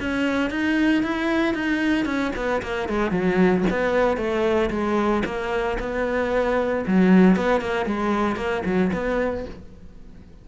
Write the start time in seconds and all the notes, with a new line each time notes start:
0.00 C#4
0.51 D#4
1.03 E4
1.55 D#4
2.06 C#4
2.36 B3
2.63 A#3
2.89 G#3
3.11 F#3
3.71 B3
4.17 A3
4.71 G#3
5.26 A#3
5.80 B3
6.87 F#3
7.37 B3
7.61 A#3
7.86 G#3
8.37 A#3
8.66 F#3
8.93 B3